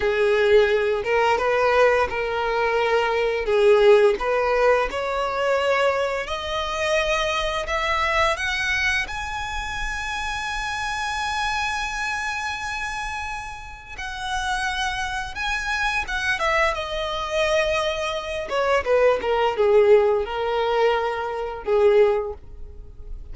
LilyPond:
\new Staff \with { instrumentName = "violin" } { \time 4/4 \tempo 4 = 86 gis'4. ais'8 b'4 ais'4~ | ais'4 gis'4 b'4 cis''4~ | cis''4 dis''2 e''4 | fis''4 gis''2.~ |
gis''1 | fis''2 gis''4 fis''8 e''8 | dis''2~ dis''8 cis''8 b'8 ais'8 | gis'4 ais'2 gis'4 | }